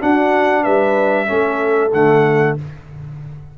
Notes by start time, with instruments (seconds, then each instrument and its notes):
0.00 trombone D4, tuba D4, horn F#4, trumpet F#5
0.63 tuba G3, horn B4, trumpet E5
1.27 tuba A3, trombone C#4, horn A4
1.93 tuba D3, trombone A3, trumpet F#5